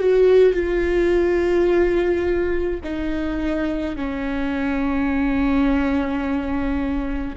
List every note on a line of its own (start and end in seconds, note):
0.00 0.54 F#4
0.54 2.80 F4
2.84 3.96 D#4
3.96 7.36 C#4